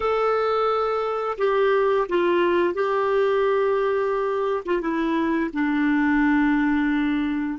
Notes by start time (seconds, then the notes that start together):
0.00 A4
1.38 G4
2.08 F4
2.74 G4
4.65 F4
4.81 E4
5.53 D4